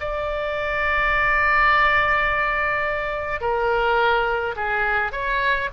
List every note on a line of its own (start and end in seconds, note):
0.00 3.41 D5
3.41 4.55 A#4
4.56 5.12 G#4
5.12 5.69 C#5